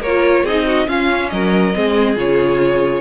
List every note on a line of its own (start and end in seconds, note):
0.00 0.43 A#3
0.00 0.44 A#4
0.00 0.46 C#5
0.07 0.47 F4
0.44 0.87 C4
0.44 0.87 D#4
0.44 0.65 G#4
0.44 0.88 D#5
0.66 0.88 F#4
0.87 1.73 C#4
0.87 1.31 C#4
0.87 1.31 F4
0.87 1.30 F5
1.30 1.75 F#3
1.30 1.76 A#4
1.30 2.16 D#5
1.74 2.16 G#3
1.74 2.16 C4
1.74 3.01 G#4
2.16 3.01 C#3
2.16 3.01 F4
2.16 3.01 C#5